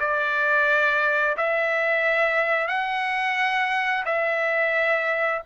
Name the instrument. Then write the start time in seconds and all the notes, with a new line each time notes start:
trumpet
0.00 D5
1.37 E5
2.68 F#5
4.05 E5